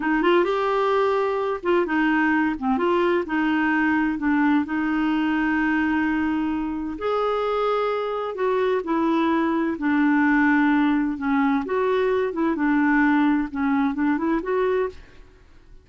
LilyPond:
\new Staff \with { instrumentName = "clarinet" } { \time 4/4 \tempo 4 = 129 dis'8 f'8 g'2~ g'8 f'8 | dis'4. c'8 f'4 dis'4~ | dis'4 d'4 dis'2~ | dis'2. gis'4~ |
gis'2 fis'4 e'4~ | e'4 d'2. | cis'4 fis'4. e'8 d'4~ | d'4 cis'4 d'8 e'8 fis'4 | }